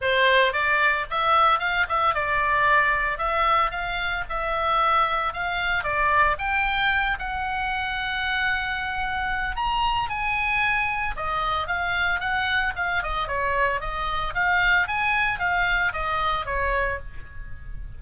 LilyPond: \new Staff \with { instrumentName = "oboe" } { \time 4/4 \tempo 4 = 113 c''4 d''4 e''4 f''8 e''8 | d''2 e''4 f''4 | e''2 f''4 d''4 | g''4. fis''2~ fis''8~ |
fis''2 ais''4 gis''4~ | gis''4 dis''4 f''4 fis''4 | f''8 dis''8 cis''4 dis''4 f''4 | gis''4 f''4 dis''4 cis''4 | }